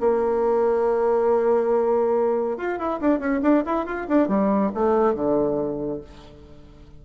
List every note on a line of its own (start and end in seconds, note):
0.00 2.57 A#3
2.57 2.78 F4
2.78 3.00 E4
3.00 3.19 D4
3.19 3.41 C#4
3.42 3.64 D4
3.66 3.86 E4
3.86 4.07 F4
4.08 4.28 D4
4.28 4.71 G3
4.75 5.14 A3
5.14 6.01 D3